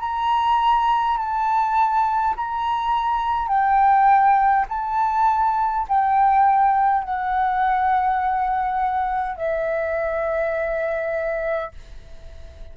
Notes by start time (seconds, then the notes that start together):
0.00 A#5
1.18 A5
2.37 A#5
3.48 G5
4.70 A5
5.89 G5
7.04 F#5
9.37 E5